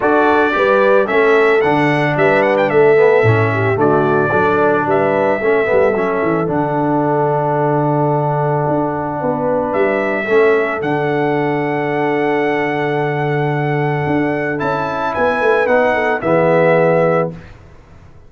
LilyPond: <<
  \new Staff \with { instrumentName = "trumpet" } { \time 4/4 \tempo 4 = 111 d''2 e''4 fis''4 | e''8 fis''16 g''16 e''2 d''4~ | d''4 e''2. | fis''1~ |
fis''2 e''2 | fis''1~ | fis''2. a''4 | gis''4 fis''4 e''2 | }
  \new Staff \with { instrumentName = "horn" } { \time 4/4 a'4 b'4 a'2 | b'4 a'4. g'8 fis'4 | a'4 b'4 a'2~ | a'1~ |
a'4 b'2 a'4~ | a'1~ | a'1 | b'4. a'8 gis'2 | }
  \new Staff \with { instrumentName = "trombone" } { \time 4/4 fis'4 g'4 cis'4 d'4~ | d'4. b8 cis'4 a4 | d'2 cis'8 b8 cis'4 | d'1~ |
d'2. cis'4 | d'1~ | d'2. e'4~ | e'4 dis'4 b2 | }
  \new Staff \with { instrumentName = "tuba" } { \time 4/4 d'4 g4 a4 d4 | g4 a4 a,4 d4 | fis4 g4 a8 g8 fis8 e8 | d1 |
d'4 b4 g4 a4 | d1~ | d2 d'4 cis'4 | b8 a8 b4 e2 | }
>>